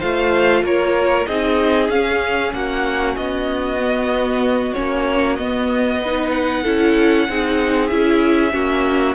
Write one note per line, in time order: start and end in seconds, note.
0.00 0.64 A3
0.00 1.28 F4
0.00 0.63 C5
0.00 0.64 F5
0.64 1.27 A#3
0.64 1.28 A#4
0.64 1.27 C#5
1.27 1.89 C4
1.27 1.92 D#4
1.27 2.55 G#4
1.27 1.90 D#5
1.89 2.53 C#4
1.89 3.80 C#4
1.89 2.53 F5
2.53 3.17 A#3
2.53 6.01 F#4
2.53 3.17 F#5
3.17 4.76 B3
3.17 4.74 D#5
3.80 4.75 B3
4.74 5.39 A#3
4.74 5.38 C#4
4.74 5.36 C#5
5.36 6.65 B3
5.36 6.03 B3
5.36 6.31 D#5
6.01 6.65 D#4
6.01 6.64 B4
6.31 7.88 F#5
6.64 7.29 C#4
6.64 7.28 E4
6.64 7.27 A4
7.29 7.91 C4
7.29 7.91 D#4
7.29 8.54 G#4
7.88 8.54 C#4
7.88 8.51 E4
7.88 9.15 E5
8.51 9.16 A#3
8.51 9.14 C#4
8.51 9.16 F#4